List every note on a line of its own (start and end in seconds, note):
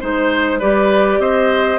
0.00 0.62 G#3
0.00 0.60 D#4
0.00 0.59 C5
0.00 0.60 C5
0.59 1.19 G3
0.59 1.79 G4
0.59 1.19 B4
0.59 1.21 D5
1.19 1.79 C4
1.19 1.79 C5
1.19 1.79 D#5